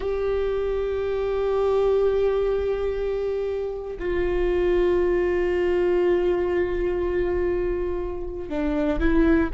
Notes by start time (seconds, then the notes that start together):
0.00 G4
3.99 F4
8.49 D4
9.00 E4